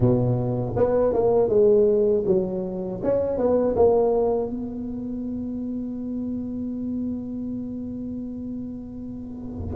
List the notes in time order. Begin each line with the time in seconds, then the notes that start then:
0.00 B2
0.76 B3
1.13 A#3
1.48 G#3
2.26 F#3
3.03 C#4
3.37 B3
3.75 A#3
4.50 B3